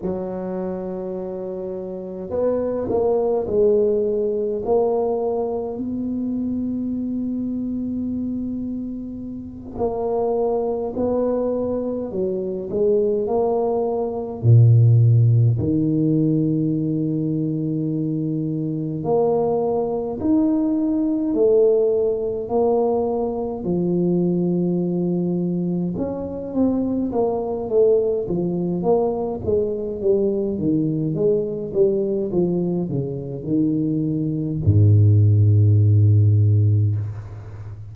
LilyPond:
\new Staff \with { instrumentName = "tuba" } { \time 4/4 \tempo 4 = 52 fis2 b8 ais8 gis4 | ais4 b2.~ | b8 ais4 b4 fis8 gis8 ais8~ | ais8 ais,4 dis2~ dis8~ |
dis8 ais4 dis'4 a4 ais8~ | ais8 f2 cis'8 c'8 ais8 | a8 f8 ais8 gis8 g8 dis8 gis8 g8 | f8 cis8 dis4 gis,2 | }